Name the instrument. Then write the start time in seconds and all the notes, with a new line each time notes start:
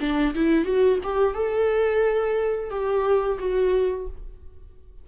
viola
0.00 D4
0.35 E4
0.65 F#4
1.04 G4
1.35 A4
2.70 G4
3.39 F#4